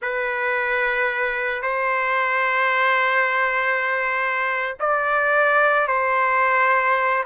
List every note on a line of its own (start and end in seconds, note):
0.02 1.62 B4
1.62 4.76 C5
4.79 5.87 D5
5.87 7.24 C5